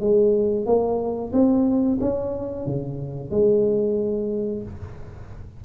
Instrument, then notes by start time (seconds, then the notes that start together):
tuba
0.00 G#3
0.66 A#3
1.32 C4
2.00 C#4
2.66 C#3
3.30 G#3